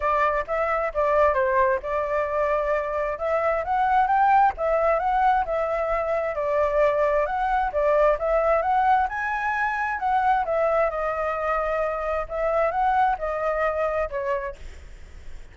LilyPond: \new Staff \with { instrumentName = "flute" } { \time 4/4 \tempo 4 = 132 d''4 e''4 d''4 c''4 | d''2. e''4 | fis''4 g''4 e''4 fis''4 | e''2 d''2 |
fis''4 d''4 e''4 fis''4 | gis''2 fis''4 e''4 | dis''2. e''4 | fis''4 dis''2 cis''4 | }